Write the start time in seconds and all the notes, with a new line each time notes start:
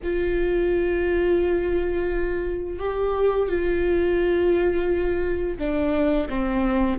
0.03 F4
2.79 G4
3.48 F4
5.58 D4
6.29 C4